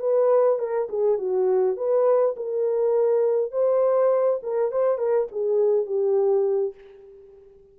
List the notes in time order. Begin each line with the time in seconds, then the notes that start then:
0.00 B4
0.59 A#4
0.90 G#4
1.18 F#4
1.77 B4
2.37 A#4
3.52 C5
4.43 A#4
4.72 C5
4.98 A#4
5.32 G#4
5.86 G4